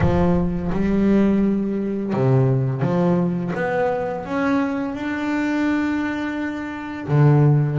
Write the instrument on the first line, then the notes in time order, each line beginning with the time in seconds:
double bass
0.00 F3
0.72 G3
2.13 C3
2.81 F3
3.55 B3
4.25 C#4
4.94 D4
7.07 D3